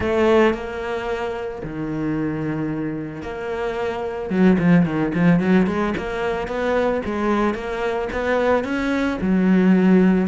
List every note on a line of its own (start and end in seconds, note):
0.00 0.54 A3
0.54 1.62 A#3
1.63 3.22 D#3
3.22 4.30 A#3
4.30 4.57 F#3
4.58 4.85 F3
4.85 5.12 D#3
5.14 5.39 F3
5.39 5.66 F#3
5.66 5.93 G#3
5.97 6.47 A#3
6.47 7.01 B3
7.05 7.54 G#3
7.54 8.08 A#3
8.12 8.64 B3
8.64 9.18 C#4
9.21 10.27 F#3